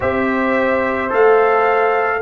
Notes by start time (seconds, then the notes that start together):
0.00 C4 G4 C5 E5
1.09 A3 A4 F5